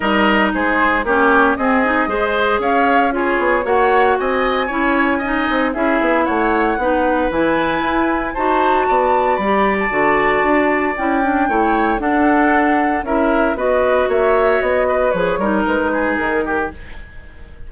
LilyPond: <<
  \new Staff \with { instrumentName = "flute" } { \time 4/4 \tempo 4 = 115 dis''4 c''4 cis''4 dis''4~ | dis''4 f''4 cis''4 fis''4 | gis''2. e''4 | fis''2 gis''2 |
a''2 b''8. a''4~ a''16~ | a''4 g''2 fis''4~ | fis''4 e''4 dis''4 e''4 | dis''4 cis''4 b'4 ais'4 | }
  \new Staff \with { instrumentName = "oboe" } { \time 4/4 ais'4 gis'4 g'4 gis'4 | c''4 cis''4 gis'4 cis''4 | dis''4 cis''4 dis''4 gis'4 | cis''4 b'2. |
c''4 d''2.~ | d''2 cis''4 a'4~ | a'4 ais'4 b'4 cis''4~ | cis''8 b'4 ais'4 gis'4 g'8 | }
  \new Staff \with { instrumentName = "clarinet" } { \time 4/4 dis'2 cis'4 c'8 dis'8 | gis'2 f'4 fis'4~ | fis'4 e'4 dis'4 e'4~ | e'4 dis'4 e'2 |
fis'2 g'4 fis'4~ | fis'4 e'8 d'8 e'4 d'4~ | d'4 e'4 fis'2~ | fis'4 gis'8 dis'2~ dis'8 | }
  \new Staff \with { instrumentName = "bassoon" } { \time 4/4 g4 gis4 ais4 c'4 | gis4 cis'4. b8 ais4 | c'4 cis'4. c'8 cis'8 b8 | a4 b4 e4 e'4 |
dis'4 b4 g4 d4 | d'4 cis'4 a4 d'4~ | d'4 cis'4 b4 ais4 | b4 f8 g8 gis4 dis4 | }
>>